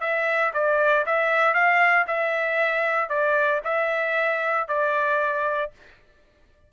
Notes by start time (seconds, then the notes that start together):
0.00 E5
0.53 D5
1.06 E5
1.54 F5
2.07 E5
3.09 D5
3.64 E5
4.67 D5